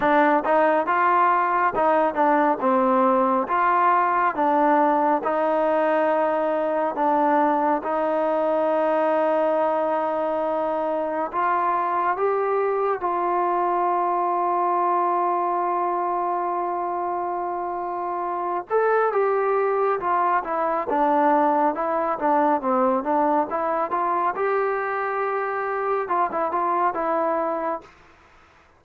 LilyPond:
\new Staff \with { instrumentName = "trombone" } { \time 4/4 \tempo 4 = 69 d'8 dis'8 f'4 dis'8 d'8 c'4 | f'4 d'4 dis'2 | d'4 dis'2.~ | dis'4 f'4 g'4 f'4~ |
f'1~ | f'4. a'8 g'4 f'8 e'8 | d'4 e'8 d'8 c'8 d'8 e'8 f'8 | g'2 f'16 e'16 f'8 e'4 | }